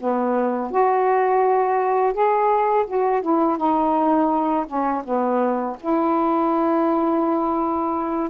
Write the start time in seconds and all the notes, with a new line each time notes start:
0.00 B3
0.71 F#4
2.13 G#4
2.87 F#4
3.22 E4
3.58 D#4
4.67 C#4
5.04 B3
5.80 E4